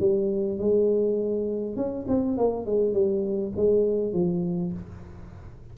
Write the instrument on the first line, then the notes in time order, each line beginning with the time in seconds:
tuba
0.00 G3
0.59 G#3
1.77 C#4
2.08 C4
2.38 A#3
2.66 G#3
2.94 G3
3.56 G#3
4.13 F3